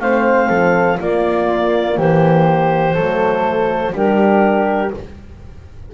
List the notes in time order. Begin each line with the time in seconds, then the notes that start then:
0.00 A3 C4 C5 F5
0.48 F3 A4
0.99 A#3 F4 D5
1.97 E3 G4 C5
2.94 F#3 A3 A4
3.92 G3 D4 G4 A#4